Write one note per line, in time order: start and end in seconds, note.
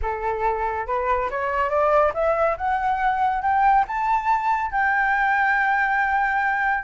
0.02 0.86 A4
0.86 1.29 B4
1.30 1.69 C#5
1.69 2.12 D5
2.14 2.57 E5
2.57 3.42 F#5
3.42 3.85 G5
3.87 4.71 A5
4.71 6.83 G5